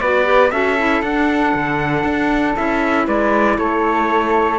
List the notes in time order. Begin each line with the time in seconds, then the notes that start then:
0.00 B3 F#4 B4 D5
0.24 G4
0.51 C#4 F#4 A4 E5
0.78 E4
1.02 D4 F#5
1.54 D3
2.03 D4
2.55 C#4 E4 E5
3.05 G#3 B4 D5
3.58 A3 A4 C#5